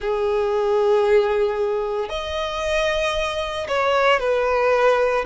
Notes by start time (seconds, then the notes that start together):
0.00 G#4
2.09 D#5
3.67 C#5
4.19 B4